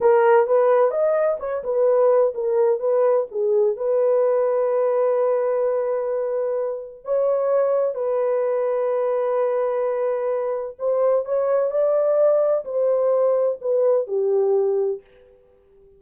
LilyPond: \new Staff \with { instrumentName = "horn" } { \time 4/4 \tempo 4 = 128 ais'4 b'4 dis''4 cis''8 b'8~ | b'4 ais'4 b'4 gis'4 | b'1~ | b'2. cis''4~ |
cis''4 b'2.~ | b'2. c''4 | cis''4 d''2 c''4~ | c''4 b'4 g'2 | }